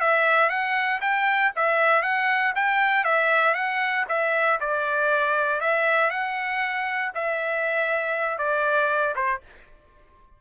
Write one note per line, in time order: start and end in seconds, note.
0.00 0.49 E5
0.49 1.00 F#5
1.01 1.52 G5
1.56 2.02 E5
2.02 2.53 F#5
2.55 3.04 G5
3.04 3.54 E5
3.54 4.05 F#5
4.09 4.59 E5
4.60 5.60 D5
5.60 6.10 E5
6.10 7.12 F#5
7.14 8.38 E5
8.38 9.15 D5
9.15 9.41 C5